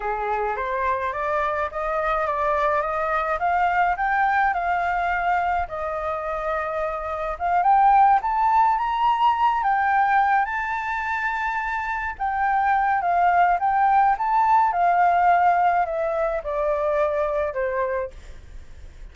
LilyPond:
\new Staff \with { instrumentName = "flute" } { \time 4/4 \tempo 4 = 106 gis'4 c''4 d''4 dis''4 | d''4 dis''4 f''4 g''4 | f''2 dis''2~ | dis''4 f''8 g''4 a''4 ais''8~ |
ais''4 g''4. a''4.~ | a''4. g''4. f''4 | g''4 a''4 f''2 | e''4 d''2 c''4 | }